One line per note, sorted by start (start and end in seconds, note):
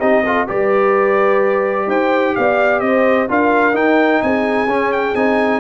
0.00 0.48 C4
0.00 0.24 D#4
0.00 0.23 G4
0.00 0.47 D#5
0.24 0.47 F4
0.24 0.47 A4
0.47 1.87 G3
0.47 3.29 G4
0.47 1.88 B4
0.47 1.90 D5
1.87 2.34 D#4
1.87 2.35 C5
1.87 2.35 G5
2.35 2.81 B3
2.35 2.83 D5
2.35 2.80 F5
2.80 3.28 C4
2.80 3.29 C5
2.80 3.27 D#5
3.29 3.74 D4
3.29 3.74 F4
3.29 4.23 A#4
3.29 3.76 F5
3.74 4.67 D#4
3.74 4.21 D#4
3.74 4.22 G5
4.22 4.66 C4
4.22 5.60 G#4
4.22 4.92 G#5
4.66 5.13 C#4
4.66 5.15 C#4
4.92 5.15 G5
5.15 5.60 C4
5.15 5.60 D#4
5.15 5.60 G#5